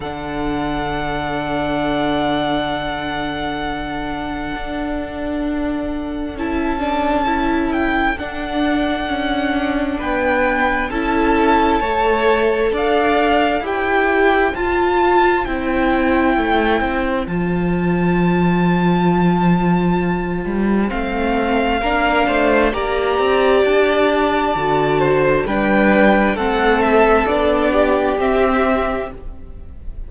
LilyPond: <<
  \new Staff \with { instrumentName = "violin" } { \time 4/4 \tempo 4 = 66 fis''1~ | fis''2. a''4~ | a''8 g''8 fis''2 g''4 | a''2 f''4 g''4 |
a''4 g''2 a''4~ | a''2. f''4~ | f''4 ais''4 a''2 | g''4 fis''8 e''8 d''4 e''4 | }
  \new Staff \with { instrumentName = "violin" } { \time 4/4 a'1~ | a'1~ | a'2. b'4 | a'4 cis''4 d''4 c''4~ |
c''1~ | c''1 | ais'8 c''8 d''2~ d''8 c''8 | b'4 a'4. g'4. | }
  \new Staff \with { instrumentName = "viola" } { \time 4/4 d'1~ | d'2. e'8 d'8 | e'4 d'2. | e'4 a'2 g'4 |
f'4 e'2 f'4~ | f'2. c'4 | d'4 g'2 fis'4 | d'4 c'4 d'4 c'4 | }
  \new Staff \with { instrumentName = "cello" } { \time 4/4 d1~ | d4 d'2 cis'4~ | cis'4 d'4 cis'4 b4 | cis'4 a4 d'4 e'4 |
f'4 c'4 a8 c'8 f4~ | f2~ f8 g8 a4 | ais8 a8 ais8 c'8 d'4 d4 | g4 a4 b4 c'4 | }
>>